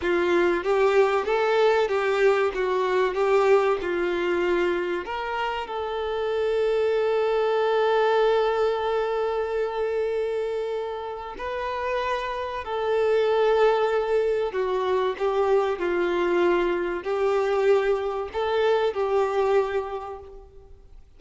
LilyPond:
\new Staff \with { instrumentName = "violin" } { \time 4/4 \tempo 4 = 95 f'4 g'4 a'4 g'4 | fis'4 g'4 f'2 | ais'4 a'2.~ | a'1~ |
a'2 b'2 | a'2. fis'4 | g'4 f'2 g'4~ | g'4 a'4 g'2 | }